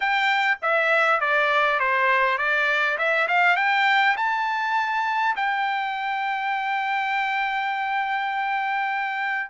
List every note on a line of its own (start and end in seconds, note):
0.00 0.58 G5
0.62 1.20 E5
1.20 1.79 D5
1.79 2.38 C5
2.38 2.97 D5
2.97 3.27 E5
3.28 3.56 F5
3.56 4.16 G5
4.16 5.35 A5
5.36 9.50 G5